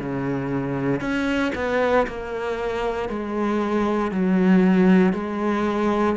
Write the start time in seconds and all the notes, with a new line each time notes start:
0.00 C#3
1.01 C#4
1.56 B3
2.08 A#3
3.10 G#3
4.12 F#3
5.13 G#3